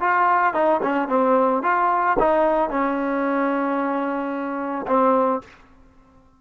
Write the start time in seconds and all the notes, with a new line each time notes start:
0.00 F4
0.53 D#4
0.83 C#4
1.08 C4
1.62 F4
2.19 D#4
2.70 C#4
4.87 C4